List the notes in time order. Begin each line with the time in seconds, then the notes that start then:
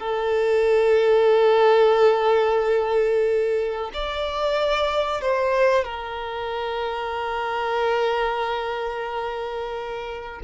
0.00 A4
3.94 D5
5.22 C5
5.85 A#4